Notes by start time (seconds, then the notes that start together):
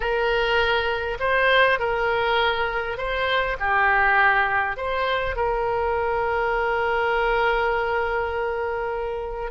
0.00 A#4
1.19 C5
1.79 A#4
2.97 C5
3.59 G4
4.77 C5
5.35 A#4